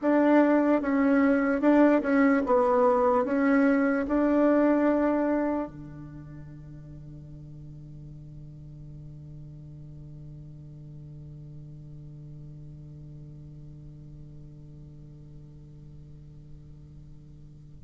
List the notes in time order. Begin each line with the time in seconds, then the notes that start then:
0.01 D4
0.81 C#4
1.61 D4
2.02 C#4
2.46 B3
3.24 C#4
4.07 D4
5.68 D3